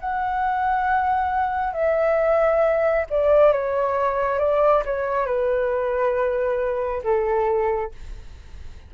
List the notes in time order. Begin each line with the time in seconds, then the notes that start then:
0.00 F#5
1.74 E5
3.10 D5
3.53 C#5
4.39 D5
4.86 C#5
5.26 B4
7.04 A4